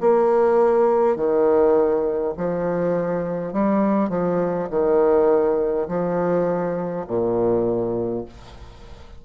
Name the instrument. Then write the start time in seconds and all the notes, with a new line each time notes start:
bassoon
0.00 A#3
1.16 D#3
2.37 F3
3.52 G3
4.09 F3
4.70 D#3
5.88 F3
7.07 A#2